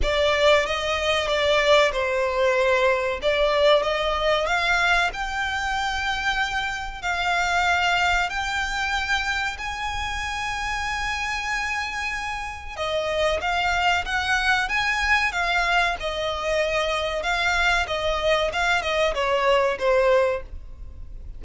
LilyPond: \new Staff \with { instrumentName = "violin" } { \time 4/4 \tempo 4 = 94 d''4 dis''4 d''4 c''4~ | c''4 d''4 dis''4 f''4 | g''2. f''4~ | f''4 g''2 gis''4~ |
gis''1 | dis''4 f''4 fis''4 gis''4 | f''4 dis''2 f''4 | dis''4 f''8 dis''8 cis''4 c''4 | }